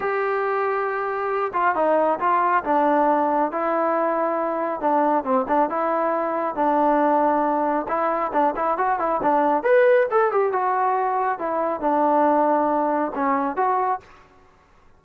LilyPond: \new Staff \with { instrumentName = "trombone" } { \time 4/4 \tempo 4 = 137 g'2.~ g'8 f'8 | dis'4 f'4 d'2 | e'2. d'4 | c'8 d'8 e'2 d'4~ |
d'2 e'4 d'8 e'8 | fis'8 e'8 d'4 b'4 a'8 g'8 | fis'2 e'4 d'4~ | d'2 cis'4 fis'4 | }